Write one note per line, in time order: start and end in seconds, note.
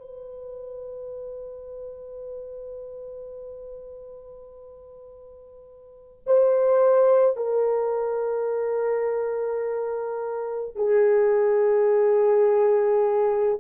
0.00 6.23 B4
6.26 7.36 C5
7.36 10.75 A#4
10.75 13.58 G#4